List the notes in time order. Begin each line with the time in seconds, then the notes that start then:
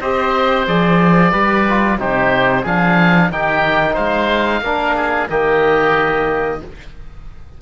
0.00 C4 G4 C5 D#5
0.67 F3 G#4 D5
1.31 G3 G4 B4
1.68 F4
1.99 C3 D#4 G4 C5
2.62 F3 D4 G#4 F5
3.30 D#3 D#4 G4 G5
3.93 G#3 C5 F5
4.61 A#3 D4 A#4
4.95 G#4
5.28 D#3 A#3 G4 D#5